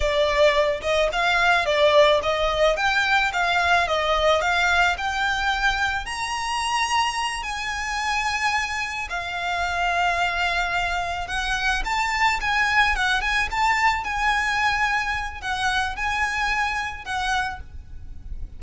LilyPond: \new Staff \with { instrumentName = "violin" } { \time 4/4 \tempo 4 = 109 d''4. dis''8 f''4 d''4 | dis''4 g''4 f''4 dis''4 | f''4 g''2 ais''4~ | ais''4. gis''2~ gis''8~ |
gis''8 f''2.~ f''8~ | f''8 fis''4 a''4 gis''4 fis''8 | gis''8 a''4 gis''2~ gis''8 | fis''4 gis''2 fis''4 | }